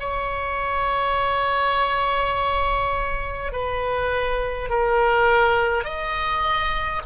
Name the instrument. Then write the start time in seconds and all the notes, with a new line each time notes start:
oboe
0.00 C#5
3.53 B4
4.70 A#4
5.84 D#5